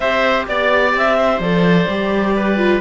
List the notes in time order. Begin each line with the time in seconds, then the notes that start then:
0.00 C4 G4 C5 E5
0.47 B3 D5
0.94 C4 E5
1.17 C5
1.39 F3 A4 D5
1.88 G3 G4
2.35 B4
2.57 F4